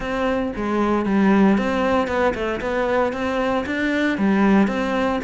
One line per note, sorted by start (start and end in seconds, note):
0.00 0.52 C4
0.55 1.05 G#3
1.05 1.57 G3
1.57 2.07 C4
2.07 2.33 B3
2.34 2.60 A3
2.61 3.12 B3
3.12 3.65 C4
3.66 4.18 D4
4.18 4.67 G3
4.67 5.20 C4